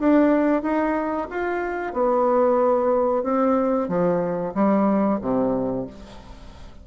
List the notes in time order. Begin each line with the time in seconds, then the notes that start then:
0.00 D4
0.63 D#4
1.31 F4
1.94 B3
3.24 C4
3.89 F3
4.55 G3
5.22 C3